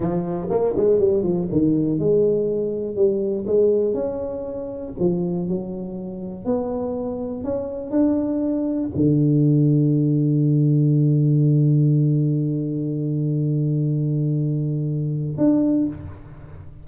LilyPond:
\new Staff \with { instrumentName = "tuba" } { \time 4/4 \tempo 4 = 121 f4 ais8 gis8 g8 f8 dis4 | gis2 g4 gis4 | cis'2 f4 fis4~ | fis4 b2 cis'4 |
d'2 d2~ | d1~ | d1~ | d2. d'4 | }